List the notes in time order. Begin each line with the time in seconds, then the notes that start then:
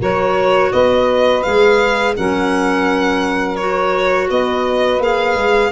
0.00 F#3 F#4 A#4 C#5
0.72 B3 B4 D#5
1.43 G#3 G#4 F5
2.16 F#3 C#4 A#4 F#5
3.56 F#4 C#5
4.29 B3 B4 D#5
4.99 A#3 G#4 F5
5.35 G#3